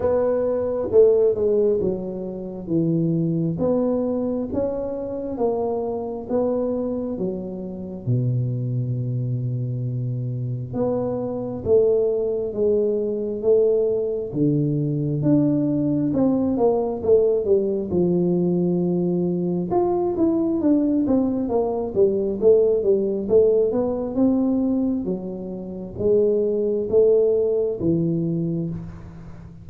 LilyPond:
\new Staff \with { instrumentName = "tuba" } { \time 4/4 \tempo 4 = 67 b4 a8 gis8 fis4 e4 | b4 cis'4 ais4 b4 | fis4 b,2. | b4 a4 gis4 a4 |
d4 d'4 c'8 ais8 a8 g8 | f2 f'8 e'8 d'8 c'8 | ais8 g8 a8 g8 a8 b8 c'4 | fis4 gis4 a4 e4 | }